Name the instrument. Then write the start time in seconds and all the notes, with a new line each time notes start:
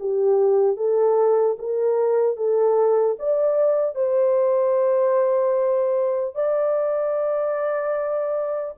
horn
0.00 G4
0.77 A4
1.59 A#4
2.37 A4
3.20 D5
3.95 C5
6.35 D5